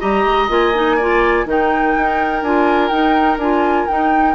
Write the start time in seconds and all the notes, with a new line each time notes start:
0.00 G3 G4 D#5 A#5
0.25 G#3
0.49 A#3 F4 G#5
0.74 D#4
0.97 F4 D5
1.45 D#3 D#4 A#4 G5
1.97 D#4
2.42 D4 F4 G#5
2.88 D#4 G5
3.37 D4 F4 G#5
3.88 D#4 G5